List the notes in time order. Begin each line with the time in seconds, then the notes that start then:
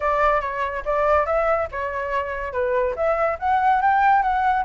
0.00 D5
0.41 C#5
0.85 D5
1.26 E5
1.71 C#5
2.52 B4
2.95 E5
3.39 F#5
3.81 G5
4.22 F#5